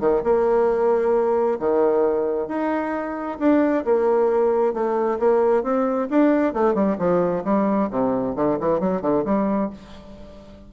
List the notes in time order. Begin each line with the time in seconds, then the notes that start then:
0.00 D#3
0.24 A#3
1.59 D#3
2.48 D#4
3.39 D4
3.85 A#3
4.73 A3
5.19 A#3
5.63 C4
6.10 D4
6.54 A3
6.74 G3
6.98 F3
7.44 G3
7.90 C3
8.36 D3
8.60 E3
8.80 F#3
9.01 D3
9.25 G3